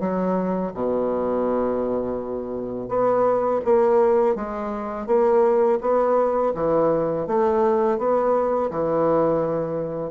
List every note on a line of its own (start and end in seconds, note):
0.00 0.72 F#3
0.74 2.88 B2
2.88 3.61 B3
3.65 4.36 A#3
4.36 5.07 G#3
5.07 5.79 A#3
5.81 6.53 B3
6.55 7.27 E3
7.27 7.98 A3
7.98 8.70 B3
8.70 10.11 E3